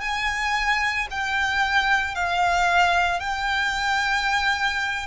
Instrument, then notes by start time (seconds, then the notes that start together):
violin
0.00 G#5
1.11 G5
2.15 F5
3.19 G5